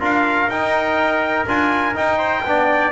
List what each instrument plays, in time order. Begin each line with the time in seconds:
0.00 double bass D4, trombone F4, trumpet A#4 F5
0.49 double bass D#4, trombone D#4, trumpet G5
1.48 double bass D4, trombone F4, trumpet G#5
1.94 trombone D#4, double bass D#4, trumpet G5
2.18 trumpet C5
2.44 double bass B3, trombone D4, trumpet D5